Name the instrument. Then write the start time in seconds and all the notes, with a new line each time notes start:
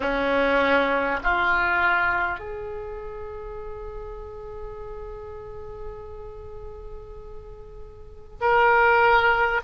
oboe
0.00 C#4
1.23 F4
2.39 G#4
8.41 A#4